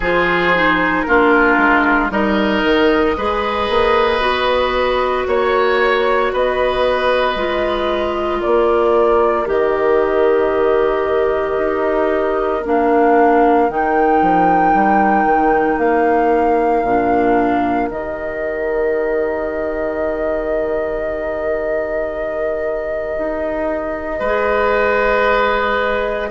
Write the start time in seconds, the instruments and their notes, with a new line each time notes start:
0.00 bassoon F3, clarinet F4, oboe G#4, flute C5
0.55 clarinet D#4
1.02 bassoon A#3, clarinet D4, oboe F4, flute A#4
1.57 bassoon G#3
2.10 bassoon G3, clarinet D#4, oboe A#4, flute D#5
2.63 bassoon D#3
3.17 bassoon G#3, clarinet G#4, oboe B4
3.69 bassoon A#3
4.20 bassoon B3, clarinet F#4
5.27 bassoon A#3, oboe C#5, flute C#5
6.32 bassoon B3, oboe B4, flute D#5
7.35 bassoon G#3, clarinet F4
8.39 bassoon A#3, oboe A#4, flute D5
9.45 bassoon D#3, clarinet G4, flute D#5
11.58 bassoon D#4
12.65 bassoon A#3, clarinet D4, flute F5
13.69 bassoon D#3, clarinet D#4, flute G5
14.21 bassoon F3
14.74 bassoon G3
15.25 bassoon D#3
15.77 bassoon A#3, flute F5
16.83 bassoon A#2, clarinet D4
17.89 bassoon D#3, clarinet G4, flute D#5
23.18 bassoon D#4
24.19 bassoon G#3, oboe B4
24.25 clarinet G#4